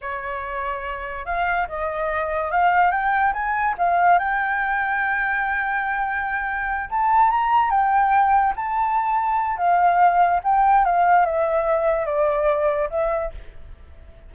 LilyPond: \new Staff \with { instrumentName = "flute" } { \time 4/4 \tempo 4 = 144 cis''2. f''4 | dis''2 f''4 g''4 | gis''4 f''4 g''2~ | g''1~ |
g''8 a''4 ais''4 g''4.~ | g''8 a''2~ a''8 f''4~ | f''4 g''4 f''4 e''4~ | e''4 d''2 e''4 | }